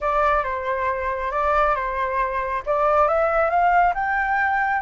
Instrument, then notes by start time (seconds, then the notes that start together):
flute
0.00 D5
0.43 C5
1.31 D5
1.75 C5
2.66 D5
3.08 E5
3.50 F5
3.94 G5